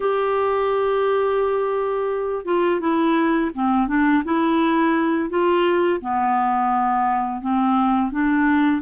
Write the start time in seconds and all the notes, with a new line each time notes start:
0.00 G4
2.45 F4
2.80 E4
3.54 C4
3.87 D4
4.24 E4
5.29 F4
6.01 B3
7.41 C4
8.11 D4